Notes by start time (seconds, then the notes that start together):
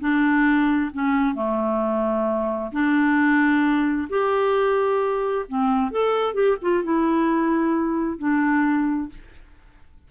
0.00 D4
0.93 C#4
1.35 A3
2.72 D4
4.09 G4
5.49 C4
5.91 A4
6.34 G4
6.62 F4
6.84 E4
8.19 D4